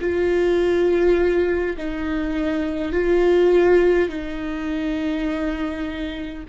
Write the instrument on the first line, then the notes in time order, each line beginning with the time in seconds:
viola
0.00 F4
1.78 D#4
2.93 F4
4.09 D#4